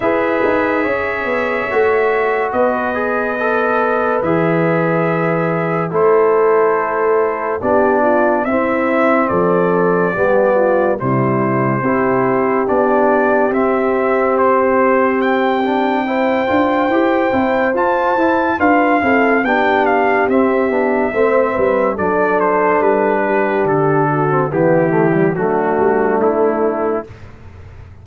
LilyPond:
<<
  \new Staff \with { instrumentName = "trumpet" } { \time 4/4 \tempo 4 = 71 e''2. dis''4~ | dis''4 e''2 c''4~ | c''4 d''4 e''4 d''4~ | d''4 c''2 d''4 |
e''4 c''4 g''2~ | g''4 a''4 f''4 g''8 f''8 | e''2 d''8 c''8 b'4 | a'4 g'4 fis'4 e'4 | }
  \new Staff \with { instrumentName = "horn" } { \time 4/4 b'4 cis''2 b'4~ | b'2. a'4~ | a'4 g'8 f'8 e'4 a'4 | g'8 f'8 e'4 g'2~ |
g'2. c''4~ | c''2 b'8 a'8 g'4~ | g'4 c''8 b'8 a'4. g'8~ | g'8 fis'8 e'4 d'2 | }
  \new Staff \with { instrumentName = "trombone" } { \time 4/4 gis'2 fis'4. gis'8 | a'4 gis'2 e'4~ | e'4 d'4 c'2 | b4 g4 e'4 d'4 |
c'2~ c'8 d'8 e'8 f'8 | g'8 e'8 f'8 e'8 f'8 e'8 d'4 | c'8 d'8 c'4 d'2~ | d'8. c'16 b8 a16 g16 a2 | }
  \new Staff \with { instrumentName = "tuba" } { \time 4/4 e'8 dis'8 cis'8 b8 a4 b4~ | b4 e2 a4~ | a4 b4 c'4 f4 | g4 c4 c'4 b4 |
c'2.~ c'8 d'8 | e'8 c'8 f'8 e'8 d'8 c'8 b4 | c'8 b8 a8 g8 fis4 g4 | d4 e4 fis8 g8 a4 | }
>>